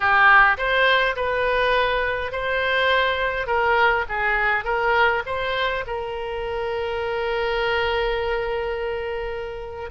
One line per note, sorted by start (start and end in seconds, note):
0.00 0.57 G4
0.57 1.15 C5
1.15 2.32 B4
2.32 3.46 C5
3.46 4.05 A#4
4.08 4.64 G#4
4.64 5.22 A#4
5.26 5.84 C5
5.86 9.90 A#4